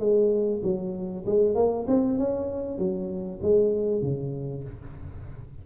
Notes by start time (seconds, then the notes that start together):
0.00 G#3
0.64 F#3
1.27 G#3
1.56 A#3
1.88 C4
2.19 C#4
2.79 F#3
3.43 G#3
4.02 C#3